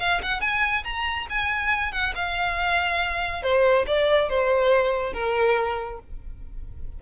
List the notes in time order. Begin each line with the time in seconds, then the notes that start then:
0.00 F5
0.23 F#5
0.41 G#5
0.84 A#5
1.30 G#5
1.92 F#5
2.15 F5
3.43 C5
3.87 D5
4.30 C5
5.14 A#4